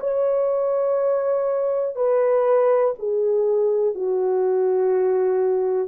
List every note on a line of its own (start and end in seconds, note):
0.00 1.95 C#5
1.95 2.94 B4
2.99 3.95 G#4
3.95 5.88 F#4